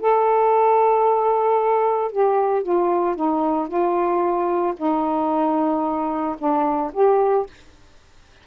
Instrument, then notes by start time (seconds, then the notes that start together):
saxophone
0.00 A4
2.12 G4
2.63 F4
3.16 D#4
3.68 F4
4.77 D#4
6.39 D4
6.93 G4